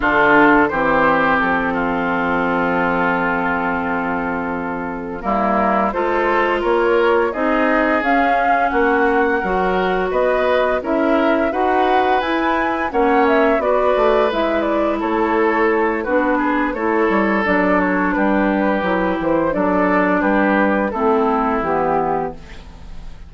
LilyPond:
<<
  \new Staff \with { instrumentName = "flute" } { \time 4/4 \tempo 4 = 86 a'4 c''4 a'2~ | a'2.~ a'8 ais'8~ | ais'8 c''4 cis''4 dis''4 f''8~ | f''8 fis''2 dis''4 e''8~ |
e''8 fis''4 gis''4 fis''8 e''8 d''8~ | d''8 e''8 d''8 cis''4. b'4 | cis''4 d''8 cis''8 b'4. c''8 | d''4 b'4 a'4 g'4 | }
  \new Staff \with { instrumentName = "oboe" } { \time 4/4 f'4 g'4. f'4.~ | f'2.~ f'8 e'8~ | e'8 a'4 ais'4 gis'4.~ | gis'8 fis'4 ais'4 b'4 ais'8~ |
ais'8 b'2 cis''4 b'8~ | b'4. a'4. fis'8 gis'8 | a'2 g'2 | a'4 g'4 e'2 | }
  \new Staff \with { instrumentName = "clarinet" } { \time 4/4 d'4 c'2.~ | c'2.~ c'8 ais8~ | ais8 f'2 dis'4 cis'8~ | cis'4. fis'2 e'8~ |
e'8 fis'4 e'4 cis'4 fis'8~ | fis'8 e'2~ e'8 d'4 | e'4 d'2 e'4 | d'2 c'4 b4 | }
  \new Staff \with { instrumentName = "bassoon" } { \time 4/4 d4 e4 f2~ | f2.~ f8 g8~ | g8 gis4 ais4 c'4 cis'8~ | cis'8 ais4 fis4 b4 cis'8~ |
cis'8 dis'4 e'4 ais4 b8 | a8 gis4 a4. b4 | a8 g8 fis4 g4 fis8 e8 | fis4 g4 a4 e4 | }
>>